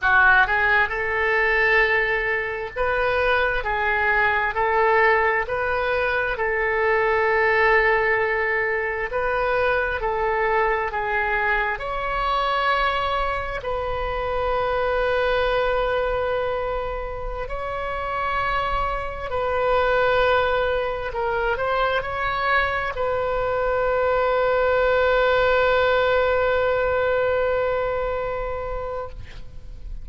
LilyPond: \new Staff \with { instrumentName = "oboe" } { \time 4/4 \tempo 4 = 66 fis'8 gis'8 a'2 b'4 | gis'4 a'4 b'4 a'4~ | a'2 b'4 a'4 | gis'4 cis''2 b'4~ |
b'2.~ b'16 cis''8.~ | cis''4~ cis''16 b'2 ais'8 c''16~ | c''16 cis''4 b'2~ b'8.~ | b'1 | }